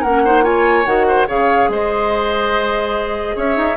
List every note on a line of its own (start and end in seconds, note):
0.00 0.86 A#3
0.00 0.26 C#4
0.00 0.21 A#4
0.00 0.44 F#5
0.25 0.42 D#4
0.25 0.44 C5
0.42 0.84 F4
0.42 1.06 C#5
0.42 0.85 G#5
0.85 1.27 D#3
0.85 1.27 F#4
0.85 1.27 F#5
1.07 1.27 C5
1.27 1.68 C#3
1.27 3.77 G#4
1.27 1.69 C#5
1.27 1.71 F5
1.68 3.35 G#3
1.68 3.35 C5
1.68 3.37 D#5
3.35 3.56 C#4
3.35 3.77 C#5
3.35 3.77 E5
3.56 3.77 D#4